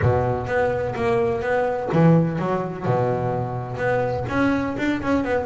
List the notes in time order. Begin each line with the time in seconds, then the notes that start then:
0.02 B2
0.46 B3
0.95 A#3
1.41 B3
1.92 E3
2.38 F#3
2.85 B2
3.77 B3
4.28 C#4
4.77 D4
5.02 C#4
5.24 B3